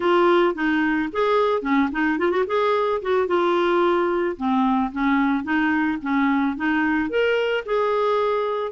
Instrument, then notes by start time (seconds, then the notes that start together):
clarinet
0.00 F4
0.54 D#4
1.12 G#4
1.61 C#4
1.92 D#4
2.18 F4
2.31 F#4
2.47 G#4
3.01 F#4
3.27 F4
4.36 C4
4.91 C#4
5.43 D#4
6.02 C#4
6.56 D#4
7.09 A#4
7.65 G#4